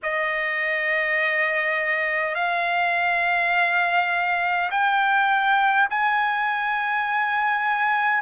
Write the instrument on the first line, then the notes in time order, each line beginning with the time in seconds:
trumpet
0.02 D#5
2.34 F5
4.71 G5
5.90 G#5